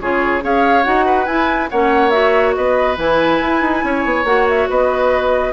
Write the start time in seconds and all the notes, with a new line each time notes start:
0.00 C#3 F4 G#4 C#5
0.42 C#4 G#4 C#5 F5
0.83 D#4 F#4 F#5
1.05 B4
1.26 E4 G#5
1.70 A#3 C#4 C#5 F#5
2.10 F#4 E5
2.54 B3 B4 D#5
2.97 E3 E4 G#5
3.41 E4
3.61 D#4
3.83 C#4 C#5
4.04 B3
4.24 A#3 F#4 F#5
4.48 E5
4.69 B3 B4 D#5